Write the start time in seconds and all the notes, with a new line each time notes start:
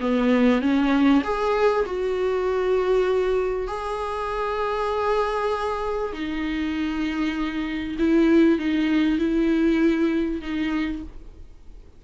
0.00 B3
0.62 C#4
1.24 G#4
1.86 F#4
3.68 G#4
6.13 D#4
7.98 E4
8.59 D#4
9.19 E4
10.41 D#4